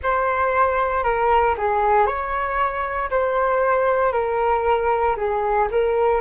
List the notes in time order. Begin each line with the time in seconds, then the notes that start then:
0.02 C5
1.03 A#4
1.57 G#4
2.06 C#5
3.10 C5
4.12 A#4
5.16 G#4
5.71 A#4